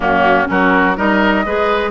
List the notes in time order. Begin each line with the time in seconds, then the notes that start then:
0.00 F#2 A#3 C#4 F#4
0.46 F#3 C#4 F#4 A#4
0.96 G3 D#4 A#4 D#5
1.45 G#3 G#4 B4